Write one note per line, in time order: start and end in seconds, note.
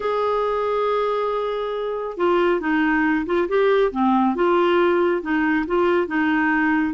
0.00 2.17 G#4
2.17 2.60 F4
2.60 3.25 D#4
3.26 3.47 F4
3.48 3.91 G4
3.91 4.35 C4
4.35 5.22 F4
5.22 5.65 D#4
5.66 6.07 F4
6.07 6.94 D#4